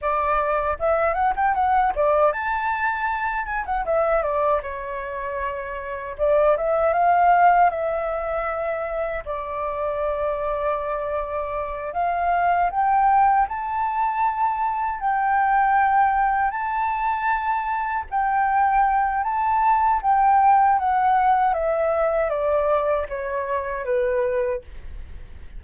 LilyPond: \new Staff \with { instrumentName = "flute" } { \time 4/4 \tempo 4 = 78 d''4 e''8 fis''16 g''16 fis''8 d''8 a''4~ | a''8 gis''16 fis''16 e''8 d''8 cis''2 | d''8 e''8 f''4 e''2 | d''2.~ d''8 f''8~ |
f''8 g''4 a''2 g''8~ | g''4. a''2 g''8~ | g''4 a''4 g''4 fis''4 | e''4 d''4 cis''4 b'4 | }